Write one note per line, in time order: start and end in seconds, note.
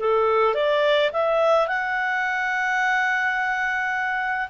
0.00 0.55 A4
0.55 1.11 D5
1.13 1.68 E5
1.68 4.48 F#5